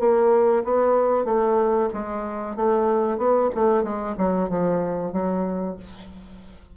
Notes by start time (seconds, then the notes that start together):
0.00 A#3
0.65 B3
1.25 A3
1.94 G#3
2.56 A3
3.18 B3
3.55 A3
3.84 G#3
4.18 F#3
4.49 F3
5.13 F#3